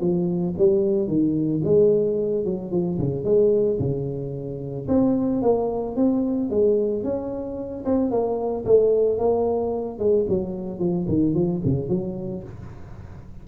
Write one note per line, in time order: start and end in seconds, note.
0.00 0.54 F3
0.57 1.07 G3
1.07 1.61 D#3
1.64 2.44 G#3
2.44 2.71 F#3
2.71 2.98 F3
2.98 3.24 C#3
3.24 3.78 G#3
3.79 4.87 C#3
4.88 5.42 C4
5.42 5.95 A#3
5.95 6.49 C4
6.50 7.03 G#3
7.03 7.84 C#4
7.85 8.10 C4
8.10 8.64 A#3
8.65 9.18 A3
9.18 9.98 A#3
9.98 10.25 G#3
10.28 10.79 F#3
10.79 11.06 F3
11.07 11.34 D#3
11.34 11.61 F3
11.64 11.88 C#3
11.88 12.43 F#3